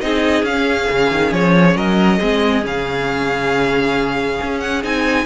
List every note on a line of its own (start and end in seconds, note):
0.00 0.42 C4
0.00 0.45 D#4
0.00 1.76 G#4
0.00 0.44 D#5
0.42 0.86 C#4
0.42 2.20 C#4
0.42 1.32 F5
0.90 1.11 C#3
1.11 1.32 D#3
1.32 1.75 F3
1.32 1.76 C#5
1.75 2.19 F#3
1.75 2.18 A#4
1.75 2.64 D#5
2.18 2.64 G#3
2.18 2.61 C4
2.18 5.25 G#4
2.61 4.39 C#3
2.61 4.80 C#4
2.61 4.59 F5
4.42 4.84 C#4
4.59 4.81 F#5
4.82 5.25 C4
4.82 5.25 D#4
4.82 5.25 G#5